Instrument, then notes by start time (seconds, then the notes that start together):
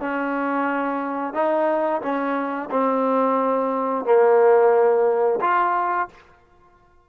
trombone
0.00 C#4
1.34 D#4
2.02 C#4
2.70 C4
4.05 A#3
5.41 F4